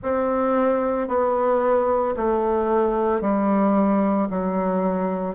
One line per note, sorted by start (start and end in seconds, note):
0.02 1.08 C4
1.08 2.15 B3
2.16 3.21 A3
3.21 4.28 G3
4.30 5.35 F#3